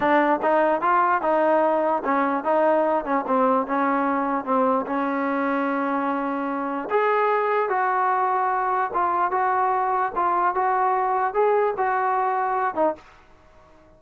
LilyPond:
\new Staff \with { instrumentName = "trombone" } { \time 4/4 \tempo 4 = 148 d'4 dis'4 f'4 dis'4~ | dis'4 cis'4 dis'4. cis'8 | c'4 cis'2 c'4 | cis'1~ |
cis'4 gis'2 fis'4~ | fis'2 f'4 fis'4~ | fis'4 f'4 fis'2 | gis'4 fis'2~ fis'8 dis'8 | }